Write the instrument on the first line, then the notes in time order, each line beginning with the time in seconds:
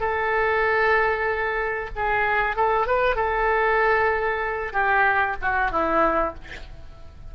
oboe
0.00 A4
1.96 G#4
2.56 A4
2.87 B4
3.16 A4
4.73 G4
5.41 F#4
5.71 E4